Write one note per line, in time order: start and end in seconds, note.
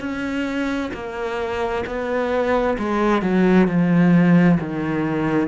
0.00 0.91 C#4
0.94 1.85 A#3
1.86 2.77 B3
2.79 3.22 G#3
3.22 3.67 F#3
3.67 4.58 F3
4.60 5.48 D#3